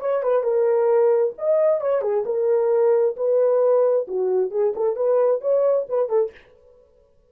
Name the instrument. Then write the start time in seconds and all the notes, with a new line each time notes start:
horn
0.00 C#5
0.23 B4
0.43 A#4
1.38 D#5
1.80 C#5
2.01 G#4
2.25 A#4
3.16 B4
4.07 F#4
4.51 G#4
4.75 A4
4.96 B4
5.41 C#5
5.89 B4
6.08 A4